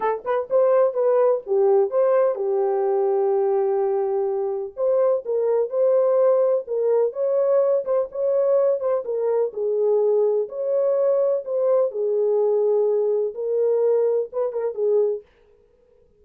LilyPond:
\new Staff \with { instrumentName = "horn" } { \time 4/4 \tempo 4 = 126 a'8 b'8 c''4 b'4 g'4 | c''4 g'2.~ | g'2 c''4 ais'4 | c''2 ais'4 cis''4~ |
cis''8 c''8 cis''4. c''8 ais'4 | gis'2 cis''2 | c''4 gis'2. | ais'2 b'8 ais'8 gis'4 | }